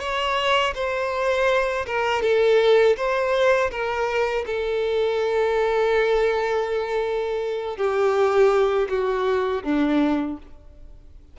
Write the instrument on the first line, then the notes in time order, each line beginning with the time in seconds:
violin
0.00 C#5
0.75 C5
1.86 A#4
2.23 A4
2.97 C5
3.71 A#4
4.46 A4
7.77 G4
8.89 F#4
9.64 D4